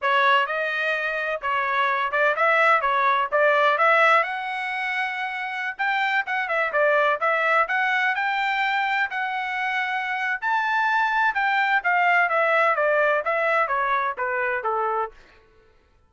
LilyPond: \new Staff \with { instrumentName = "trumpet" } { \time 4/4 \tempo 4 = 127 cis''4 dis''2 cis''4~ | cis''8 d''8 e''4 cis''4 d''4 | e''4 fis''2.~ | fis''16 g''4 fis''8 e''8 d''4 e''8.~ |
e''16 fis''4 g''2 fis''8.~ | fis''2 a''2 | g''4 f''4 e''4 d''4 | e''4 cis''4 b'4 a'4 | }